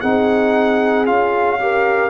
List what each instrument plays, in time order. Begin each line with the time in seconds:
0.00 tuba C4, trombone D#4, horn G#4, trumpet F#5
1.06 tuba C#4, trombone F4, trumpet F5
1.59 trombone G4, horn A#4